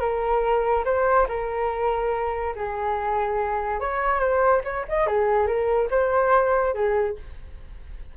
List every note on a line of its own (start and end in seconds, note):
0.00 0.84 A#4
0.85 1.27 C5
1.28 2.54 A#4
2.56 3.80 G#4
3.80 4.19 C#5
4.19 4.61 C5
4.64 4.85 C#5
4.88 5.07 D#5
5.07 5.46 G#4
5.46 5.88 A#4
5.90 6.74 C5
6.74 7.16 G#4